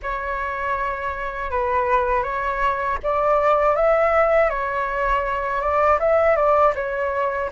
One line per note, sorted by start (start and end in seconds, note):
0.02 1.50 C#5
1.50 2.23 B4
2.23 2.98 C#5
3.03 3.75 D5
3.75 4.49 E5
4.49 5.61 C#5
5.61 5.98 D5
5.99 6.36 E5
6.36 6.73 D5
6.75 7.50 C#5